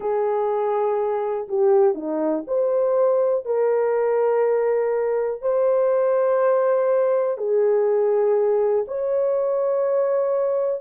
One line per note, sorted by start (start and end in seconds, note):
0.00 1.48 G#4
1.48 1.94 G4
1.94 2.43 D#4
2.47 3.45 C5
3.45 5.41 A#4
5.41 7.37 C5
7.37 8.85 G#4
8.87 10.81 C#5